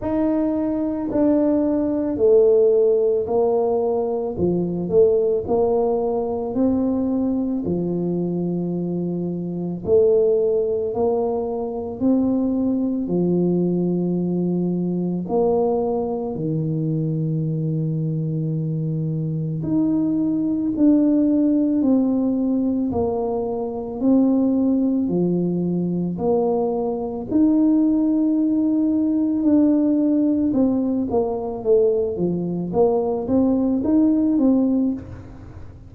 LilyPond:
\new Staff \with { instrumentName = "tuba" } { \time 4/4 \tempo 4 = 55 dis'4 d'4 a4 ais4 | f8 a8 ais4 c'4 f4~ | f4 a4 ais4 c'4 | f2 ais4 dis4~ |
dis2 dis'4 d'4 | c'4 ais4 c'4 f4 | ais4 dis'2 d'4 | c'8 ais8 a8 f8 ais8 c'8 dis'8 c'8 | }